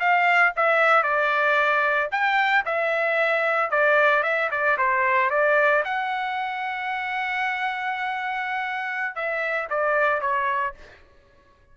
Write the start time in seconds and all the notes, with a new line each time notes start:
0.00 F5
0.56 E5
1.03 D5
2.12 G5
2.66 E5
3.71 D5
4.23 E5
4.51 D5
4.78 C5
5.30 D5
5.85 F#5
9.15 E5
9.70 D5
10.21 C#5